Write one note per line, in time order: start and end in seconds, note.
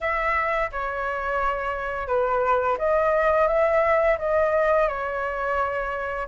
0.00 0.70 E5
0.71 2.07 C#5
2.07 2.77 B4
2.78 3.47 D#5
3.47 4.17 E5
4.18 4.88 D#5
4.88 6.27 C#5